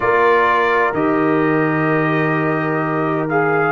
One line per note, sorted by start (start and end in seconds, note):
0.00 0.93 A#3
0.00 0.94 F4
0.00 3.72 A#4
0.00 0.93 D5
0.93 3.72 D#3
0.93 3.29 G4
0.93 3.28 D#5
3.29 3.72 G#4
3.29 3.72 F5